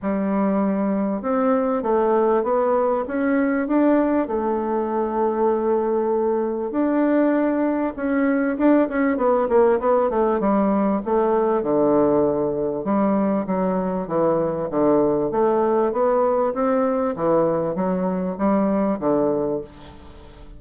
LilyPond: \new Staff \with { instrumentName = "bassoon" } { \time 4/4 \tempo 4 = 98 g2 c'4 a4 | b4 cis'4 d'4 a4~ | a2. d'4~ | d'4 cis'4 d'8 cis'8 b8 ais8 |
b8 a8 g4 a4 d4~ | d4 g4 fis4 e4 | d4 a4 b4 c'4 | e4 fis4 g4 d4 | }